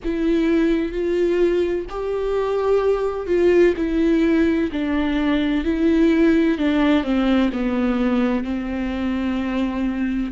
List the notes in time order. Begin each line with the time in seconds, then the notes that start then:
0.04 E4
0.92 F4
1.89 G4
3.26 F4
3.76 E4
4.71 D4
5.64 E4
6.58 D4
7.03 C4
7.53 B3
8.44 C4